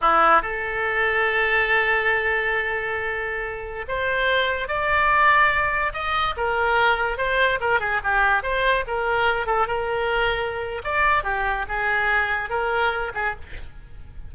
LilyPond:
\new Staff \with { instrumentName = "oboe" } { \time 4/4 \tempo 4 = 144 e'4 a'2.~ | a'1~ | a'4~ a'16 c''2 d''8.~ | d''2~ d''16 dis''4 ais'8.~ |
ais'4~ ais'16 c''4 ais'8 gis'8 g'8.~ | g'16 c''4 ais'4. a'8 ais'8.~ | ais'2 d''4 g'4 | gis'2 ais'4. gis'8 | }